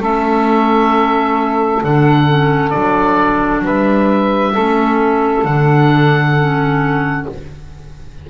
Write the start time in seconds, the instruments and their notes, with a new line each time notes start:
0.00 double bass A3, clarinet C#4, saxophone A4, oboe E5
1.83 double bass D3, clarinet D4, oboe F#5
2.28 clarinet C#4
2.71 double bass F#3, clarinet D4, oboe D5
3.64 double bass G3, saxophone B4, oboe E5
4.53 double bass A3, clarinet C#4, saxophone A4
5.45 double bass D3, clarinet D4, oboe F#5
6.39 clarinet C#4